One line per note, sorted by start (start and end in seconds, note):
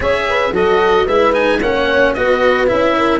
0.00 0.52 C#4
0.00 0.53 G#4
0.00 0.28 C#5
0.00 0.54 E5
0.28 0.54 B4
0.52 1.05 F#3
0.52 1.07 F#4
0.52 1.06 A4
0.52 1.07 D#5
1.06 1.61 G#3
1.06 1.32 E4
1.06 1.59 B4
1.06 1.33 E5
1.32 1.59 D#4
1.32 1.60 G#5
1.60 2.15 A#3
1.60 2.15 C#4
1.60 2.14 C#5
1.60 2.14 F#5
2.14 2.70 B3
2.14 2.66 F#4
2.14 2.96 B4
2.14 2.67 D#5
2.66 3.19 C#4
2.66 3.19 E4
2.66 3.19 E5
2.97 3.19 A#4